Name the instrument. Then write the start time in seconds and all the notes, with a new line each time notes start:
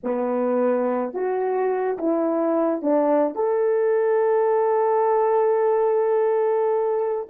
horn
0.03 B3
1.13 F#4
1.98 E4
2.82 D4
3.35 A4